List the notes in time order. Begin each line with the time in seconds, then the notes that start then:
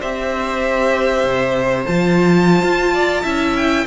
0.00 C4 G4 C5 E5
1.24 C3
1.86 F3 F4 A5
2.62 F4
2.93 D5
3.23 C#4 E4 E5
3.56 G5